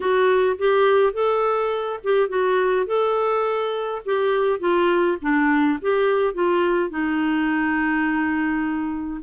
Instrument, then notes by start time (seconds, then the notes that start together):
clarinet
0.00 F#4
0.58 G4
1.12 A4
2.03 G4
2.28 F#4
2.86 A4
4.05 G4
4.59 F4
5.21 D4
5.81 G4
6.33 F4
6.90 D#4